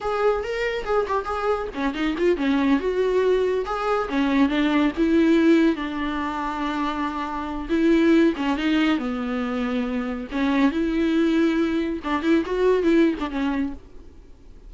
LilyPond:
\new Staff \with { instrumentName = "viola" } { \time 4/4 \tempo 4 = 140 gis'4 ais'4 gis'8 g'8 gis'4 | cis'8 dis'8 f'8 cis'4 fis'4.~ | fis'8 gis'4 cis'4 d'4 e'8~ | e'4. d'2~ d'8~ |
d'2 e'4. cis'8 | dis'4 b2. | cis'4 e'2. | d'8 e'8 fis'4 e'8. d'16 cis'4 | }